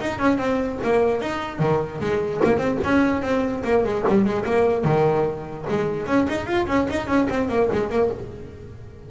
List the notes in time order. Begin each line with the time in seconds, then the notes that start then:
0.00 D#4
0.19 C#4
0.38 C4
0.83 A#3
1.21 D#4
1.59 D#3
2.00 G#3
2.44 A#3
2.58 C4
2.84 C#4
3.22 C4
3.64 A#3
3.84 G#3
4.08 G3
4.24 G#3
4.45 A#3
4.84 D#3
5.69 G#3
6.06 C#4
6.28 D#4
6.46 F4
6.67 C#4
6.90 D#4
7.07 C#4
7.30 C4
7.49 A#3
7.72 G#3
7.90 A#3